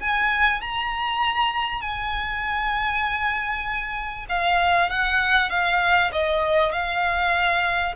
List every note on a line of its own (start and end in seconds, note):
0.00 0.61 G#5
0.61 1.81 A#5
1.81 4.26 G#5
4.29 4.90 F5
4.90 5.50 F#5
5.50 6.11 F5
6.13 6.72 D#5
6.72 7.95 F5